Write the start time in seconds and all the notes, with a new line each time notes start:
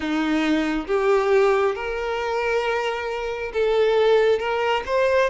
0.00 D#4
0.86 G4
1.75 A#4
3.53 A4
4.39 A#4
4.85 C5